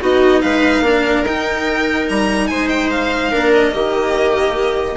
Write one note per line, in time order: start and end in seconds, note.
0.00 0.43 B3
0.00 0.84 D#4
0.00 0.41 F#4
0.00 0.41 D#5
0.41 0.81 G#3
0.41 0.83 B4
0.41 1.24 F5
0.81 1.22 A#3
0.81 1.25 D4
0.81 2.49 A#4
1.23 2.06 D#4
1.23 3.33 D#4
1.23 2.09 G5
2.09 2.51 G3
2.09 2.47 A#5
2.47 3.34 G#3
2.47 3.31 C5
2.47 2.68 G#5
2.69 2.90 G5
2.90 3.52 F5
3.31 3.73 A#3
3.31 3.71 D4
3.31 3.73 A#4
3.54 4.97 D#5
3.71 4.97 D#3
3.71 4.95 A#3
3.71 4.97 G4